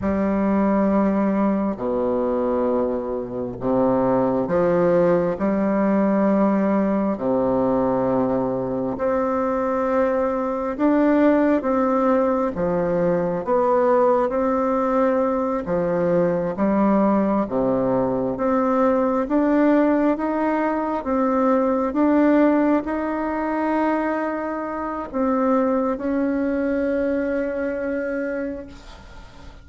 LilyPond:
\new Staff \with { instrumentName = "bassoon" } { \time 4/4 \tempo 4 = 67 g2 b,2 | c4 f4 g2 | c2 c'2 | d'4 c'4 f4 b4 |
c'4. f4 g4 c8~ | c8 c'4 d'4 dis'4 c'8~ | c'8 d'4 dis'2~ dis'8 | c'4 cis'2. | }